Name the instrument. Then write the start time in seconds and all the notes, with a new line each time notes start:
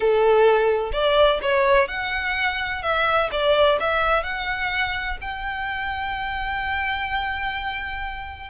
violin
0.00 A4
0.92 D5
1.42 C#5
1.88 F#5
2.82 E5
3.31 D5
3.79 E5
4.23 F#5
5.21 G5